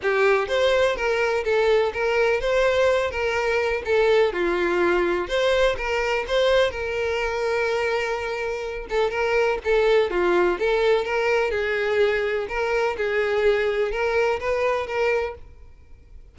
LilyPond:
\new Staff \with { instrumentName = "violin" } { \time 4/4 \tempo 4 = 125 g'4 c''4 ais'4 a'4 | ais'4 c''4. ais'4. | a'4 f'2 c''4 | ais'4 c''4 ais'2~ |
ais'2~ ais'8 a'8 ais'4 | a'4 f'4 a'4 ais'4 | gis'2 ais'4 gis'4~ | gis'4 ais'4 b'4 ais'4 | }